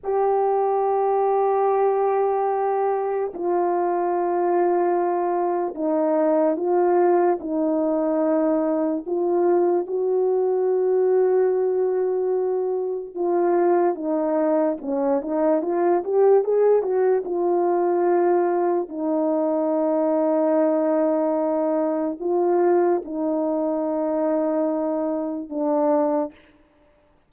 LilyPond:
\new Staff \with { instrumentName = "horn" } { \time 4/4 \tempo 4 = 73 g'1 | f'2. dis'4 | f'4 dis'2 f'4 | fis'1 |
f'4 dis'4 cis'8 dis'8 f'8 g'8 | gis'8 fis'8 f'2 dis'4~ | dis'2. f'4 | dis'2. d'4 | }